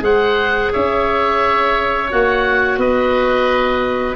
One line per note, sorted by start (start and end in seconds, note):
0.00 0.70 G#3
0.00 2.07 G#4
0.00 0.72 C5
0.00 0.73 F#5
0.72 2.12 C#4
0.72 2.79 C#5
0.72 2.11 E5
2.10 2.77 A#3
2.10 4.16 F#4
2.10 2.80 F#5
2.77 4.15 B3
2.77 4.16 B4
2.77 4.16 D#5